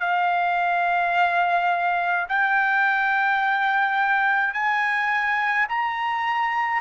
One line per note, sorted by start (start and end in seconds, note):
0.00 2.26 F5
2.29 4.54 G5
4.54 5.67 G#5
5.69 6.81 A#5